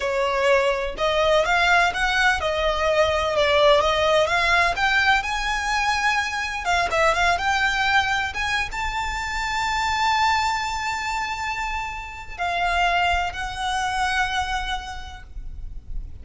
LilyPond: \new Staff \with { instrumentName = "violin" } { \time 4/4 \tempo 4 = 126 cis''2 dis''4 f''4 | fis''4 dis''2 d''4 | dis''4 f''4 g''4 gis''4~ | gis''2 f''8 e''8 f''8 g''8~ |
g''4. gis''8. a''4.~ a''16~ | a''1~ | a''2 f''2 | fis''1 | }